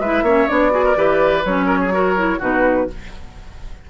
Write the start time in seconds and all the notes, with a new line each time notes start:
0.00 G#3 E4 B4 E5
0.23 A#3 C#4 C#5
0.48 B3 D4 D5
0.71 F#4 G#4
0.85 A#4
0.96 E3 G4 B4
1.45 F#3 C#4 C#5
1.66 A#4
1.81 G#4
1.92 F#4 A#4
2.16 E4
2.39 B2 D#4 F#4 B4